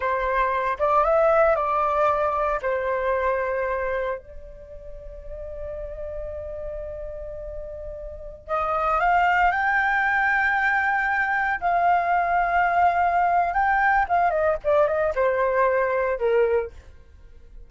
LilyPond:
\new Staff \with { instrumentName = "flute" } { \time 4/4 \tempo 4 = 115 c''4. d''8 e''4 d''4~ | d''4 c''2. | d''1~ | d''1~ |
d''16 dis''4 f''4 g''4.~ g''16~ | g''2~ g''16 f''4.~ f''16~ | f''2 g''4 f''8 dis''8 | d''8 dis''8 c''2 ais'4 | }